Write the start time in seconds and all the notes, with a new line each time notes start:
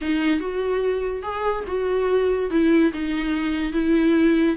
0.01 D#4
0.40 F#4
1.22 G#4
1.67 F#4
2.50 E4
2.93 D#4
3.73 E4